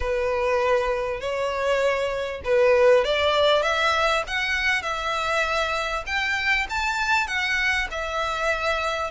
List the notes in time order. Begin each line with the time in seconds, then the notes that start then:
0.00 B4
1.20 C#5
2.44 B4
3.04 D5
3.62 E5
4.27 F#5
4.82 E5
6.06 G5
6.69 A5
7.27 F#5
7.90 E5